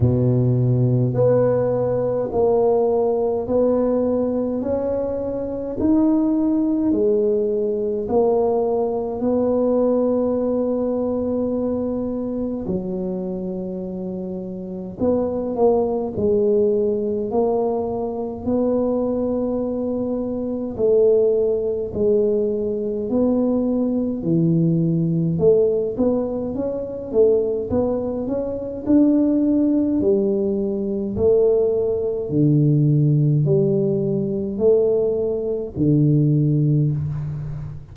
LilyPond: \new Staff \with { instrumentName = "tuba" } { \time 4/4 \tempo 4 = 52 b,4 b4 ais4 b4 | cis'4 dis'4 gis4 ais4 | b2. fis4~ | fis4 b8 ais8 gis4 ais4 |
b2 a4 gis4 | b4 e4 a8 b8 cis'8 a8 | b8 cis'8 d'4 g4 a4 | d4 g4 a4 d4 | }